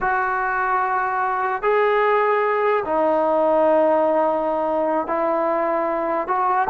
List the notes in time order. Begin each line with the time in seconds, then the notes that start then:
0.00 F#4
1.62 G#4
2.85 D#4
5.07 E4
6.27 F#4